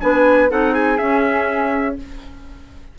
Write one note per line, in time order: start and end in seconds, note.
0.00 0.51 B3
0.00 0.49 D4
0.00 0.50 B4
0.00 0.49 G#5
0.49 1.00 C4
0.49 0.98 D#4
0.49 0.73 A4
0.49 0.74 F#5
0.73 1.96 G#4
0.73 0.98 G#5
0.98 1.97 C#4
0.98 1.99 C#4
0.98 1.96 E5